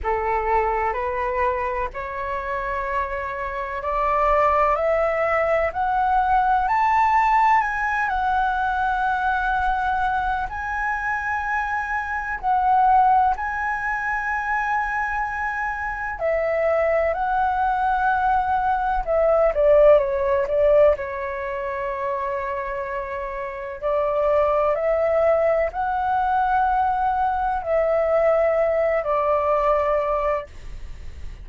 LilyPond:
\new Staff \with { instrumentName = "flute" } { \time 4/4 \tempo 4 = 63 a'4 b'4 cis''2 | d''4 e''4 fis''4 a''4 | gis''8 fis''2~ fis''8 gis''4~ | gis''4 fis''4 gis''2~ |
gis''4 e''4 fis''2 | e''8 d''8 cis''8 d''8 cis''2~ | cis''4 d''4 e''4 fis''4~ | fis''4 e''4. d''4. | }